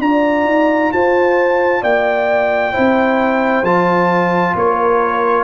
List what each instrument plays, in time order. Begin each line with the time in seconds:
0.00 tuba D4, trombone F4, horn D5, trumpet A#5
0.45 tuba D#4
0.93 tuba F4, horn C5, trumpet A5
1.82 tuba A#3, horn D5, trumpet G5
2.73 tuba C4, trombone E4, horn C5
3.63 tuba F3, trombone F4, trumpet A5
4.56 tuba A#3, horn A#4, trumpet C#5